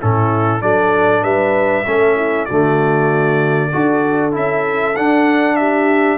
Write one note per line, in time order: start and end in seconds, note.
0.00 0.62 A2
0.00 0.61 C#4
0.00 0.61 E4
0.00 0.62 A4
0.61 1.23 F#3
0.61 1.85 D4
0.61 1.23 A4
0.61 1.23 D5
1.23 1.85 G3
1.23 1.85 B4
1.23 2.45 E5
1.86 2.48 A3
1.86 2.49 C#4
1.86 2.16 A4
2.16 2.47 E4
2.45 3.74 D3
2.45 3.70 F#4
2.45 4.31 D5
2.51 3.72 A3
3.70 4.36 D4
3.70 4.32 F#4
3.70 5.56 A4
4.32 4.98 C#4
4.32 4.94 E4
4.32 4.96 E5
4.96 6.18 D4
4.96 5.56 F#5
5.56 6.18 G4
5.56 6.18 E5